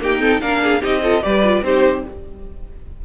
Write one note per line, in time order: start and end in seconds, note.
0.00 0.18 A#3
0.00 0.41 D#4
0.00 0.20 G4
0.00 0.41 G5
0.18 0.39 C4
0.18 0.41 A4
0.41 0.82 A#3
0.41 0.81 D4
0.41 0.62 A#4
0.41 0.81 F5
0.62 0.81 G#4
0.81 1.24 C4
0.81 1.01 D#4
0.81 1.01 G4
0.81 1.23 D#5
1.03 1.21 F4
1.03 1.23 A4
1.21 1.62 G3
1.21 1.41 G4
1.21 1.64 B4
1.21 1.63 D5
1.44 1.64 F4
1.62 2.02 C4
1.62 2.04 D#4
1.62 2.05 G4
1.62 2.04 C5